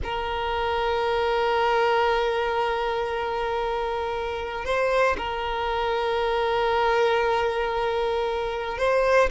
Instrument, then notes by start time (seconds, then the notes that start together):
violin
0.03 A#4
4.64 C5
5.17 A#4
8.78 C5